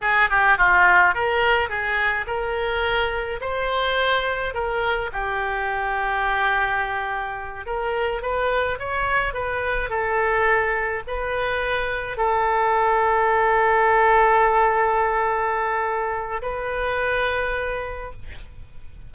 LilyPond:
\new Staff \with { instrumentName = "oboe" } { \time 4/4 \tempo 4 = 106 gis'8 g'8 f'4 ais'4 gis'4 | ais'2 c''2 | ais'4 g'2.~ | g'4. ais'4 b'4 cis''8~ |
cis''8 b'4 a'2 b'8~ | b'4. a'2~ a'8~ | a'1~ | a'4 b'2. | }